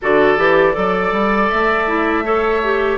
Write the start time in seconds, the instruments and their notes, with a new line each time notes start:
0.01 bassoon D3, clarinet F#4, oboe A4, flute D5
0.37 bassoon E3, clarinet G4
0.73 bassoon F#3, clarinet A4, oboe D5
1.11 bassoon G3
1.49 bassoon A3, flute E5
1.87 clarinet E4
2.23 clarinet A4, oboe C#5
2.63 clarinet G4